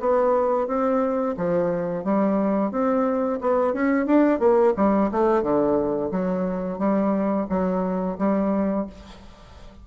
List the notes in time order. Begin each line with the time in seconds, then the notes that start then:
0.00 B3
0.67 C4
1.37 F3
2.04 G3
2.71 C4
3.41 B3
3.73 C#4
4.06 D4
4.39 A#3
4.76 G3
5.11 A3
5.43 D3
6.11 F#3
6.78 G3
7.49 F#3
8.18 G3